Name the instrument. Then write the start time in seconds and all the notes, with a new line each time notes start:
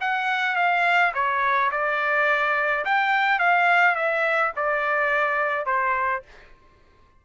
trumpet
0.00 F#5
0.56 F5
1.14 C#5
1.71 D5
2.85 G5
3.39 F5
3.95 E5
4.56 D5
5.66 C5